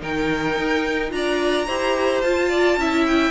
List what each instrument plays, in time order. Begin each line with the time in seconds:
0.00 cello D#3, viola D#4, violin A#4 G5
0.57 cello D#4
1.10 cello D4, viola F4, violin D5 A#5
1.67 cello E4, viola G4, violin C5
2.22 cello F4, viola F4, violin A5
2.50 violin D5
2.77 cello C#4, viola E4, violin E5
3.07 violin G5